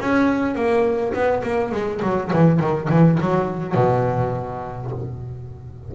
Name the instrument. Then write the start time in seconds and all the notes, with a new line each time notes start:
double bass
0.00 C#4
0.55 A#3
1.13 B3
1.43 A#3
1.72 G#3
2.02 F#3
2.33 E3
2.60 D#3
2.90 E3
3.20 F#3
3.75 B2